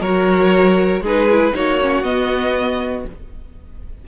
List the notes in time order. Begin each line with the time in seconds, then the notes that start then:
0.00 F#3 F#4 A#4 C#5
1.00 G#3 D#4 G#4 B4
1.31 E4
1.54 A#3 D#4 F#4 C#5
1.81 C#4
2.03 B3 D#5